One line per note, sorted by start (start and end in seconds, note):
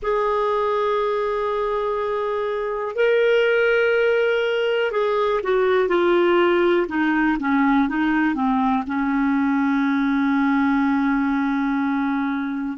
0.02 2.95 G#4
2.95 4.91 A#4
4.91 5.41 G#4
5.43 5.88 F#4
5.88 6.86 F4
6.88 7.37 D#4
7.39 7.88 C#4
7.88 8.34 D#4
8.34 8.83 C4
8.86 12.78 C#4